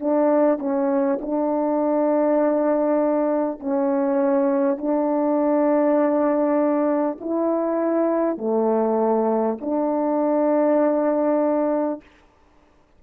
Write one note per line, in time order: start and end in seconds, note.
0.00 0.59 D4
0.59 1.19 C#4
1.21 3.60 D4
3.60 4.78 C#4
4.78 7.18 D4
7.21 8.38 E4
8.38 9.58 A3
9.61 12.01 D4